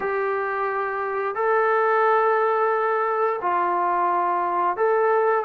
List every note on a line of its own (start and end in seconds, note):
0.00 1.35 G4
1.35 3.39 A4
3.41 4.76 F4
4.76 5.45 A4